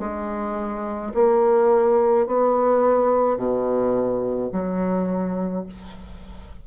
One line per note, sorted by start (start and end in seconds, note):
0.00 1.13 G#3
1.15 2.27 A#3
2.27 3.38 B3
3.38 4.51 B2
4.53 5.66 F#3